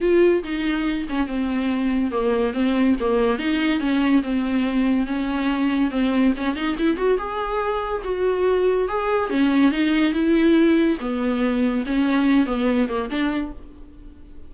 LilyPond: \new Staff \with { instrumentName = "viola" } { \time 4/4 \tempo 4 = 142 f'4 dis'4. cis'8 c'4~ | c'4 ais4 c'4 ais4 | dis'4 cis'4 c'2 | cis'2 c'4 cis'8 dis'8 |
e'8 fis'8 gis'2 fis'4~ | fis'4 gis'4 cis'4 dis'4 | e'2 b2 | cis'4. b4 ais8 d'4 | }